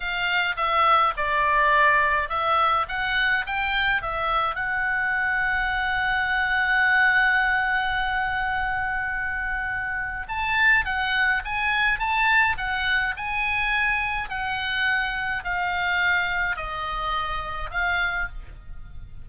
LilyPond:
\new Staff \with { instrumentName = "oboe" } { \time 4/4 \tempo 4 = 105 f''4 e''4 d''2 | e''4 fis''4 g''4 e''4 | fis''1~ | fis''1~ |
fis''2 a''4 fis''4 | gis''4 a''4 fis''4 gis''4~ | gis''4 fis''2 f''4~ | f''4 dis''2 f''4 | }